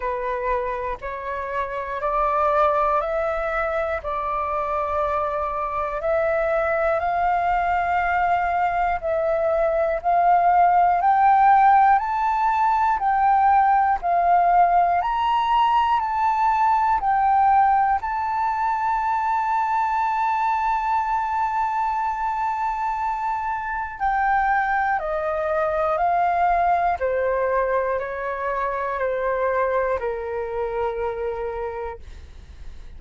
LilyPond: \new Staff \with { instrumentName = "flute" } { \time 4/4 \tempo 4 = 60 b'4 cis''4 d''4 e''4 | d''2 e''4 f''4~ | f''4 e''4 f''4 g''4 | a''4 g''4 f''4 ais''4 |
a''4 g''4 a''2~ | a''1 | g''4 dis''4 f''4 c''4 | cis''4 c''4 ais'2 | }